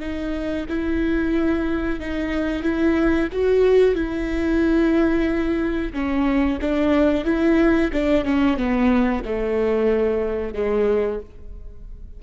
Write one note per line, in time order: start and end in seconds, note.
0.00 0.66 D#4
0.69 2.00 E4
2.00 2.62 D#4
2.62 3.28 E4
3.32 3.95 F#4
3.95 5.93 E4
5.93 6.59 C#4
6.61 7.24 D4
7.24 7.90 E4
7.92 8.24 D4
8.24 8.57 C#4
8.57 9.23 B3
9.25 10.54 A3
10.54 11.20 G#3